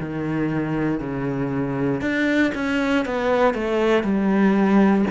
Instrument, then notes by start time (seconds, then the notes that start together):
cello
0.00 D#3
0.99 C#3
2.01 D4
2.54 C#4
3.05 B3
3.54 A3
4.03 G3